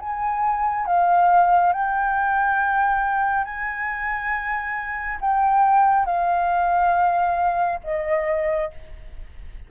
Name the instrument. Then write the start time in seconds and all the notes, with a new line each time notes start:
flute
0.00 G#5
0.86 F5
1.73 G5
3.45 G#5
5.21 G5
6.06 F5
7.84 D#5